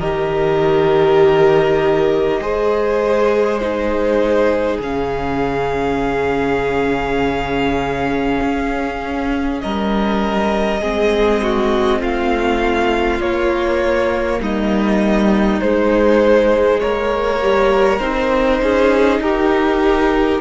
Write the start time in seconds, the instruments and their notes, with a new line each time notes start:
0.00 cello D#3, viola G4, violin A#4 D#5
2.39 cello G#3, viola G#4, violin C5
3.58 viola D#4, violin G#4 C5
4.80 cello C#3, viola C#4, violin F5
8.42 cello C#4
9.62 cello G3, violin A#4 D#5
10.81 cello G#3, viola C4, violin G#4
11.43 violin F#4
12.00 cello A3, violin F4 F5
13.20 cello A#3, viola A#3, violin C#5
14.41 cello G3, violin D#4 D#5
15.61 viola G#3, cello G#3, violin C5
16.80 cello A#3, violin A#4 C#5
17.42 viola G3
17.99 cello C4, viola D#4, violin C5
18.62 cello C#4, violin G#4
19.20 cello D#4, violin G4 A#4